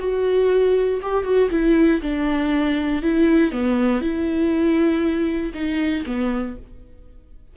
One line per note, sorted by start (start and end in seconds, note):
0.00 1.01 F#4
1.02 1.25 G4
1.25 1.50 F#4
1.51 2.01 E4
2.02 3.03 D4
3.03 3.53 E4
3.53 4.02 B3
4.02 5.53 E4
5.54 6.05 D#4
6.06 6.57 B3